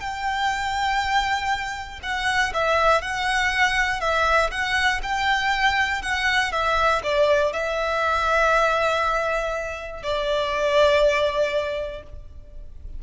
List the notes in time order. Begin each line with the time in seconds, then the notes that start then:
0.00 G5
2.02 F#5
2.53 E5
3.02 F#5
4.00 E5
4.50 F#5
5.03 G5
6.02 F#5
6.52 E5
7.03 D5
7.52 E5
10.02 D5